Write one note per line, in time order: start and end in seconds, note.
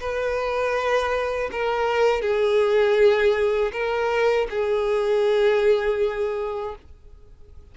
0.00 1.50 B4
1.51 2.22 A#4
2.22 3.72 G#4
3.72 4.47 A#4
4.50 6.75 G#4